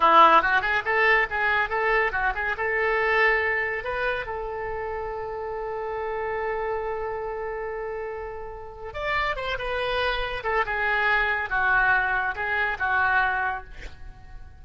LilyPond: \new Staff \with { instrumentName = "oboe" } { \time 4/4 \tempo 4 = 141 e'4 fis'8 gis'8 a'4 gis'4 | a'4 fis'8 gis'8 a'2~ | a'4 b'4 a'2~ | a'1~ |
a'1~ | a'4 d''4 c''8 b'4.~ | b'8 a'8 gis'2 fis'4~ | fis'4 gis'4 fis'2 | }